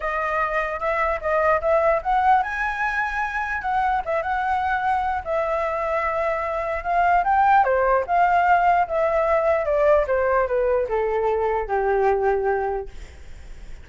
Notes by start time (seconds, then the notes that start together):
0.00 D#5
0.79 E5
1.20 D#5
1.61 E5
2.02 F#5
2.42 G#5
3.61 F#5
4.05 E5
4.22 F#5
5.24 E5
6.83 F5
7.24 G5
7.64 C5
8.06 F5
8.87 E5
9.65 D5
10.07 C5
10.47 B4
10.88 A4
11.67 G4